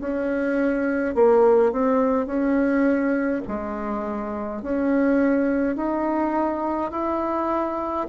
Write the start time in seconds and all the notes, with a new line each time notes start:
0.00 C#4
1.15 A#3
1.72 C4
2.26 C#4
3.47 G#3
4.62 C#4
5.76 D#4
6.91 E4